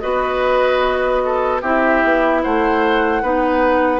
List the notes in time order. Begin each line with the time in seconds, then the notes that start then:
0.00 B3 F#4 B4 D#5
1.25 A4
1.62 C4 E4 G4 E5
2.04 B3
2.42 A3 C5 F#5
3.22 B3 D#4 B4